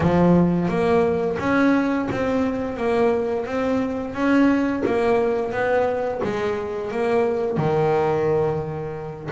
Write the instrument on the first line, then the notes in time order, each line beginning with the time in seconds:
double bass
0.00 F3
0.68 A#3
1.39 C#4
2.11 C4
2.76 A#3
3.46 C4
4.13 C#4
4.85 A#3
5.51 B3
6.23 G#3
6.91 A#3
7.57 D#3